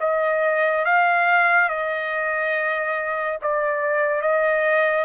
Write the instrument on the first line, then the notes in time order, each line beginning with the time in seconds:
trumpet
0.00 D#5
0.85 F5
1.69 D#5
3.41 D5
4.21 D#5